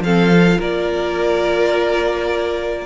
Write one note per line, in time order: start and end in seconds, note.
0.00 0.57 F3
0.00 0.33 C4
0.00 0.58 A4
0.00 0.61 F5
0.34 2.86 F4
0.58 2.86 A#3
0.58 2.86 A#4
0.58 2.86 D5